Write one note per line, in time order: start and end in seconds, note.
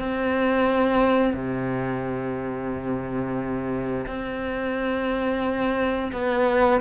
0.00 1.34 C4
1.34 4.07 C3
4.08 6.12 C4
6.13 6.81 B3